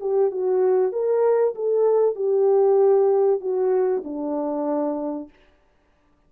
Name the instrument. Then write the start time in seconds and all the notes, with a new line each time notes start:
horn
0.00 G4
0.31 F#4
0.92 A#4
1.55 A4
2.15 G4
3.40 F#4
4.04 D4